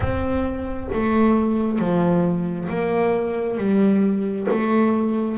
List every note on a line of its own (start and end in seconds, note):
0.00 0.89 C4
0.93 1.78 A3
1.78 2.68 F3
2.69 3.57 A#3
3.57 4.47 G3
4.50 5.37 A3